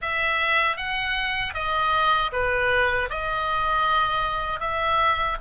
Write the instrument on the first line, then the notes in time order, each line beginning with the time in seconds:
oboe
0.01 E5
0.76 F#5
1.54 D#5
2.32 B4
3.10 D#5
4.60 E5